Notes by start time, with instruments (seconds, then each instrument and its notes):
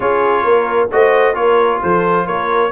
0.00 tuba C#4, trombone F4, horn G#4, trumpet C#5
0.43 tuba A#3, horn A#4
0.91 tuba A3, trombone F#4, horn C5, trumpet D#5
1.34 tuba A#3, trombone F4, horn A#4, trumpet C#5
1.82 tuba F3, horn A4, trumpet C5
2.25 tuba A#3, horn A#4, trumpet C#5